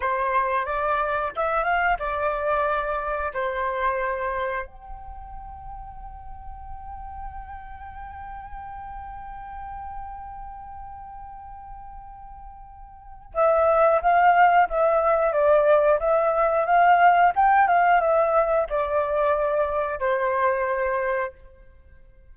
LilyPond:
\new Staff \with { instrumentName = "flute" } { \time 4/4 \tempo 4 = 90 c''4 d''4 e''8 f''8 d''4~ | d''4 c''2 g''4~ | g''1~ | g''1~ |
g''1 | e''4 f''4 e''4 d''4 | e''4 f''4 g''8 f''8 e''4 | d''2 c''2 | }